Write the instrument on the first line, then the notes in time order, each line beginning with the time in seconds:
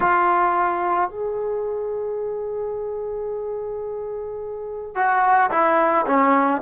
trombone
0.00 F4
1.10 G#4
4.95 F#4
5.50 E4
6.06 C#4